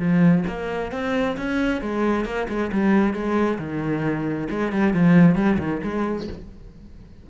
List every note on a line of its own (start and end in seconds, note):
0.00 0.45 F3
0.48 0.92 A#3
0.92 1.37 C4
1.37 1.82 C#4
1.82 2.26 G#3
2.26 2.48 A#3
2.49 2.72 G#3
2.73 3.14 G3
3.14 3.59 G#3
3.59 4.48 D#3
4.50 4.73 G#3
4.73 4.94 G3
4.94 5.36 F3
5.36 5.58 G3
5.59 5.81 D#3
5.84 6.28 G#3